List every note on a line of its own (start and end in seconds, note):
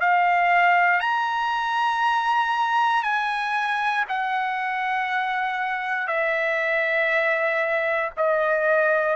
0.00 1.00 F5
1.00 3.03 A#5
3.03 4.04 G#5
4.09 6.07 F#5
6.07 8.10 E5
8.17 9.16 D#5